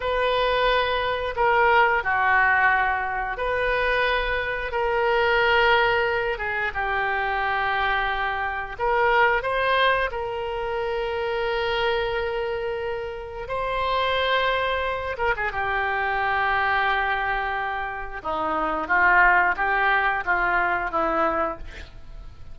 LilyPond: \new Staff \with { instrumentName = "oboe" } { \time 4/4 \tempo 4 = 89 b'2 ais'4 fis'4~ | fis'4 b'2 ais'4~ | ais'4. gis'8 g'2~ | g'4 ais'4 c''4 ais'4~ |
ais'1 | c''2~ c''8 ais'16 gis'16 g'4~ | g'2. dis'4 | f'4 g'4 f'4 e'4 | }